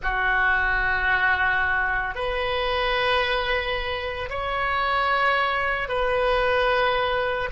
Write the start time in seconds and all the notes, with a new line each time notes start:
0.02 F#4
2.14 B4
4.29 C#5
5.88 B4